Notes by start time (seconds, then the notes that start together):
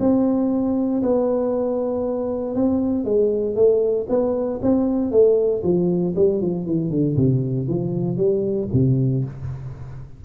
0.00 C4
1.03 B3
2.55 C4
3.05 G#3
3.56 A3
4.10 B3
4.62 C4
5.12 A3
5.64 F3
6.16 G3
6.42 F3
6.66 E3
6.91 D3
7.17 C3
7.68 F3
8.17 G3
8.74 C3